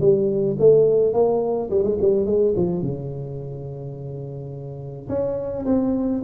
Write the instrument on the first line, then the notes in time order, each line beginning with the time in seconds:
tuba
0.00 G3
0.59 A3
1.13 A#3
1.70 G3
1.82 G#3
2.00 G3
2.26 G#3
2.56 F3
2.82 C#3
5.08 C#4
5.65 C4